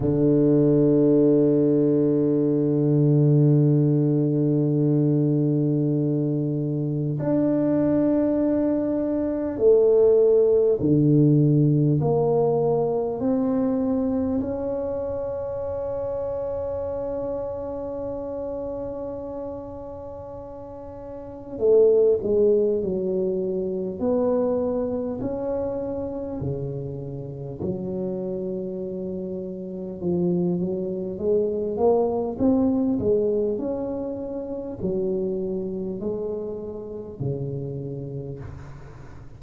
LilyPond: \new Staff \with { instrumentName = "tuba" } { \time 4/4 \tempo 4 = 50 d1~ | d2 d'2 | a4 d4 ais4 c'4 | cis'1~ |
cis'2 a8 gis8 fis4 | b4 cis'4 cis4 fis4~ | fis4 f8 fis8 gis8 ais8 c'8 gis8 | cis'4 fis4 gis4 cis4 | }